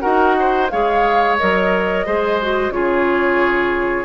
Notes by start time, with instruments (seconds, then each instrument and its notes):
0.00 bassoon D#4, clarinet F#4, oboe A#4, flute F#5
0.39 oboe C5
0.69 bassoon G#3, clarinet G#4, oboe C#5, flute F5
1.37 bassoon F#3, clarinet A#4, flute D#5
2.06 bassoon G#3, clarinet G#4, oboe C5
2.42 clarinet F#4
2.70 bassoon C#3, clarinet F4, oboe G#4, flute C#5